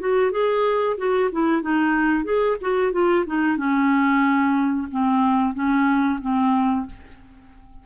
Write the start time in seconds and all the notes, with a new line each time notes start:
0.00 F#4
0.32 G#4
0.98 F#4
1.32 E4
1.62 D#4
2.24 G#4
2.61 F#4
2.93 F4
3.27 D#4
3.58 C#4
4.92 C4
5.55 C#4
6.21 C4